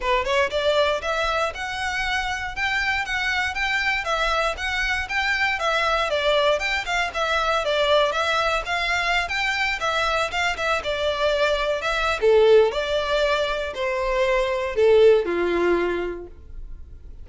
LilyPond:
\new Staff \with { instrumentName = "violin" } { \time 4/4 \tempo 4 = 118 b'8 cis''8 d''4 e''4 fis''4~ | fis''4 g''4 fis''4 g''4 | e''4 fis''4 g''4 e''4 | d''4 g''8 f''8 e''4 d''4 |
e''4 f''4~ f''16 g''4 e''8.~ | e''16 f''8 e''8 d''2 e''8. | a'4 d''2 c''4~ | c''4 a'4 f'2 | }